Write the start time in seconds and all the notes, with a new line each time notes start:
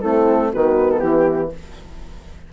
0.00 A3 C4 E4 A4
0.52 D#3 B3 F#4 B4
0.91 A4
0.99 E3 E4 G4